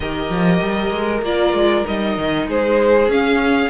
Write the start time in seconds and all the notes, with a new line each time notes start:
0.00 D#3 G4 A#4 D#5
0.29 F3
0.61 G3
0.91 G#3
1.22 A#3 F4 D5
1.53 G#3
1.84 G3 D#4 D#5
2.17 D#3
2.47 G#3 G#4 C5
3.08 C#4 F5